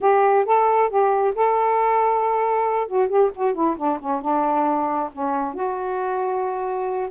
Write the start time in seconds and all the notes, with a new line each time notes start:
0.00 G4
0.45 A4
0.89 G4
1.35 A4
2.87 F#4
3.08 G4
3.35 F#4
3.54 E4
3.76 D4
3.99 C#4
4.21 D4
5.12 C#4
5.54 F#4